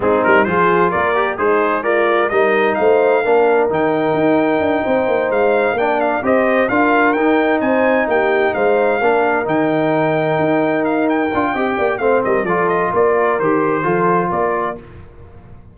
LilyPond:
<<
  \new Staff \with { instrumentName = "trumpet" } { \time 4/4 \tempo 4 = 130 gis'8 ais'8 c''4 d''4 c''4 | d''4 dis''4 f''2 | g''2.~ g''8 f''8~ | f''8 g''8 f''8 dis''4 f''4 g''8~ |
g''8 gis''4 g''4 f''4.~ | f''8 g''2. f''8 | g''2 f''8 dis''8 d''8 dis''8 | d''4 c''2 d''4 | }
  \new Staff \with { instrumentName = "horn" } { \time 4/4 dis'4 gis'4 ais'4 dis'4 | f'4 ais'4 c''4 ais'4~ | ais'2~ ais'8 c''4.~ | c''8 d''4 c''4 ais'4.~ |
ais'8 c''4 g'4 c''4 ais'8~ | ais'1~ | ais'4 dis''8 d''8 c''8 ais'8 a'4 | ais'2 a'4 ais'4 | }
  \new Staff \with { instrumentName = "trombone" } { \time 4/4 c'4 f'4. g'8 gis'4 | ais'4 dis'2 d'4 | dis'1~ | dis'8 d'4 g'4 f'4 dis'8~ |
dis'2.~ dis'8 d'8~ | d'8 dis'2.~ dis'8~ | dis'8 f'8 g'4 c'4 f'4~ | f'4 g'4 f'2 | }
  \new Staff \with { instrumentName = "tuba" } { \time 4/4 gis8 g8 f4 ais4 gis4~ | gis4 g4 a4 ais4 | dis4 dis'4 d'8 c'8 ais8 gis8~ | gis8 ais4 c'4 d'4 dis'8~ |
dis'8 c'4 ais4 gis4 ais8~ | ais8 dis2 dis'4.~ | dis'8 d'8 c'8 ais8 a8 g8 f4 | ais4 dis4 f4 ais4 | }
>>